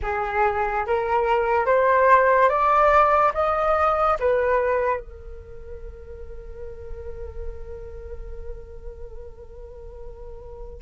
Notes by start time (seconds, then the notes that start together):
0.02 G#4
0.86 A#4
1.66 C5
2.48 D5
3.34 D#5
4.19 B4
5.00 A#4